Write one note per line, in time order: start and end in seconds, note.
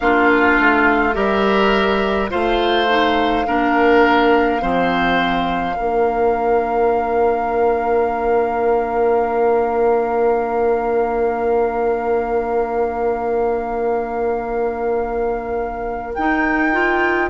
0.00 0.58 A#3
0.00 1.13 D4
0.00 1.14 F4
0.00 1.14 F5
0.59 1.15 A3
1.13 2.31 G3
1.13 2.28 G4
1.13 2.30 A#4
1.13 2.29 E5
2.29 3.47 A3
2.29 2.87 F4
2.29 3.46 C5
2.29 16.14 F5
2.88 3.46 D#4
3.46 4.62 A#3
3.46 4.60 D4
3.46 4.62 A#4
4.60 5.77 F3
4.60 5.75 C4
4.60 5.76 C5
5.75 16.16 A#3
5.75 16.13 D4
5.75 17.30 A#4
16.14 17.30 D#4
16.14 16.72 D#4
16.14 17.29 G5
16.72 17.30 F4